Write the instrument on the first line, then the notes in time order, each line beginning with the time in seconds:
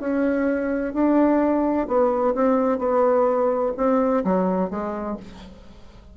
bassoon
0.00 C#4
0.94 D4
1.88 B3
2.35 C4
2.79 B3
3.77 C4
4.25 F#3
4.70 G#3